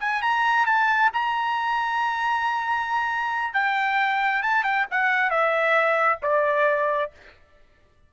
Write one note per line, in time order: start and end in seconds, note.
0.00 0.22 G#5
0.22 0.66 A#5
0.66 1.10 A5
1.13 3.54 A#5
3.54 4.42 G5
4.42 4.64 A5
4.64 4.86 G5
4.91 5.30 F#5
5.30 6.19 E5
6.22 7.11 D5